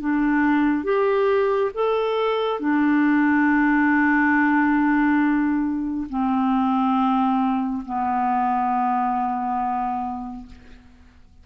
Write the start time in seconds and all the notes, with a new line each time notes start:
0.00 D4
0.84 G4
1.74 A4
2.60 D4
6.09 C4
7.85 B3